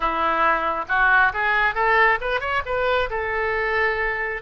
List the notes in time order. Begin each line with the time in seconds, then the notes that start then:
0.00 E4
0.88 F#4
1.33 G#4
1.74 A4
2.20 B4
2.40 C#5
2.65 B4
3.10 A4